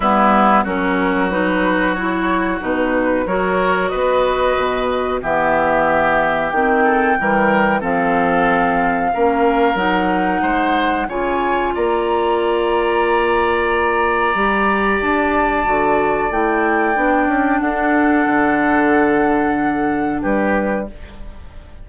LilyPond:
<<
  \new Staff \with { instrumentName = "flute" } { \time 4/4 \tempo 4 = 92 b'4 ais'4 b'4 cis''4 | b'4 cis''4 dis''2 | e''2 g''2 | f''2. fis''4~ |
fis''4 gis''4 ais''2~ | ais''2. a''4~ | a''4 g''2 fis''4~ | fis''2. b'4 | }
  \new Staff \with { instrumentName = "oboe" } { \time 4/4 e'4 fis'2.~ | fis'4 ais'4 b'2 | g'2~ g'8 a'8 ais'4 | a'2 ais'2 |
c''4 cis''4 d''2~ | d''1~ | d''2. a'4~ | a'2. g'4 | }
  \new Staff \with { instrumentName = "clarinet" } { \time 4/4 b4 cis'4 dis'4 e'4 | dis'4 fis'2. | b2 c'4 g4 | c'2 cis'4 dis'4~ |
dis'4 f'2.~ | f'2 g'2 | fis'4 e'4 d'2~ | d'1 | }
  \new Staff \with { instrumentName = "bassoon" } { \time 4/4 g4 fis2. | b,4 fis4 b4 b,4 | e2 dis4 e4 | f2 ais4 fis4 |
gis4 cis4 ais2~ | ais2 g4 d'4 | d4 a4 b8 cis'8 d'4 | d2. g4 | }
>>